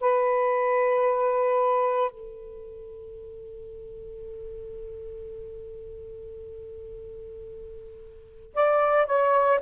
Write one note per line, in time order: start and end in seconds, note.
0.00 2.10 B4
2.10 8.53 A4
8.54 9.06 D5
9.06 9.59 C#5